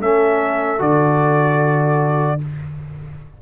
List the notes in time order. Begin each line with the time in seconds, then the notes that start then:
0.00 A3 C#4 A4 E5
0.79 D3 F#4 D5